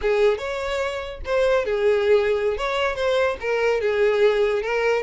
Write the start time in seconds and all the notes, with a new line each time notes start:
0.01 G#4
0.38 C#5
1.25 C5
1.65 G#4
2.57 C#5
2.95 C5
3.40 A#4
3.80 G#4
4.62 A#4